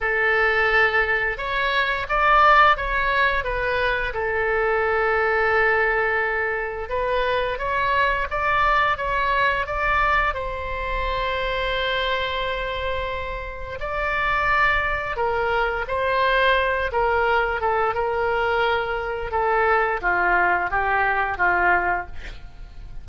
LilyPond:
\new Staff \with { instrumentName = "oboe" } { \time 4/4 \tempo 4 = 87 a'2 cis''4 d''4 | cis''4 b'4 a'2~ | a'2 b'4 cis''4 | d''4 cis''4 d''4 c''4~ |
c''1 | d''2 ais'4 c''4~ | c''8 ais'4 a'8 ais'2 | a'4 f'4 g'4 f'4 | }